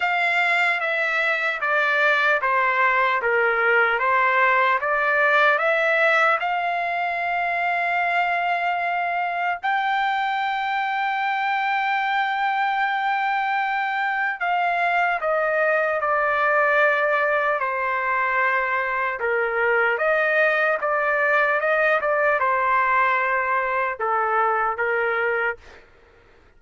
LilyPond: \new Staff \with { instrumentName = "trumpet" } { \time 4/4 \tempo 4 = 75 f''4 e''4 d''4 c''4 | ais'4 c''4 d''4 e''4 | f''1 | g''1~ |
g''2 f''4 dis''4 | d''2 c''2 | ais'4 dis''4 d''4 dis''8 d''8 | c''2 a'4 ais'4 | }